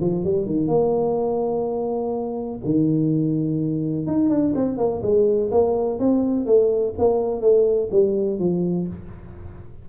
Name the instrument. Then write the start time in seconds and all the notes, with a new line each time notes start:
tuba
0.00 F3
0.24 G3
0.46 D#3
0.67 A#3
2.64 D#3
4.06 D#4
4.29 D4
4.55 C4
4.77 A#3
5.02 G#3
5.51 A#3
5.99 C4
6.46 A3
6.98 A#3
7.41 A3
7.91 G3
8.39 F3